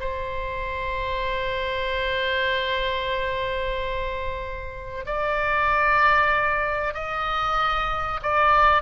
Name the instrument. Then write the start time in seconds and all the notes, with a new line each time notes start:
oboe
0.00 C5
5.06 D5
6.94 D#5
8.22 D5